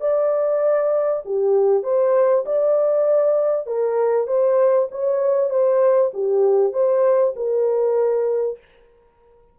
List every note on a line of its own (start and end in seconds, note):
0.00 1.22 D5
1.25 1.83 G4
1.83 2.44 C5
2.45 3.66 D5
3.66 4.27 A#4
4.27 4.88 C5
4.91 5.50 C#5
5.50 6.11 C5
6.13 6.72 G4
6.72 7.34 C5
7.36 8.58 A#4